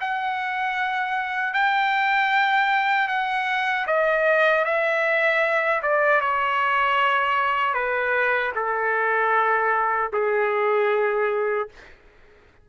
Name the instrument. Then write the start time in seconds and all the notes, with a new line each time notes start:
trumpet
0.00 F#5
1.53 G5
3.08 F#5
3.86 D#5
4.64 E5
5.82 D5
6.21 C#5
7.74 B4
8.55 A4
10.13 G#4